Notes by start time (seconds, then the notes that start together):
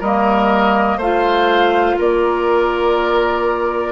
0.00 G3 A#3 A#4 D#5
0.97 A3 F4 C5 F5
1.98 A#3 A#4 D5